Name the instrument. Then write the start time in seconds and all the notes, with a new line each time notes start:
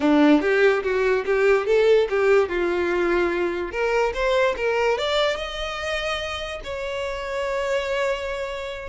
violin
0.00 D4
0.41 G4
0.83 F#4
1.25 G4
1.66 A4
2.09 G4
2.48 F4
3.71 A#4
4.14 C5
4.56 A#4
4.98 D5
5.36 D#5
6.63 C#5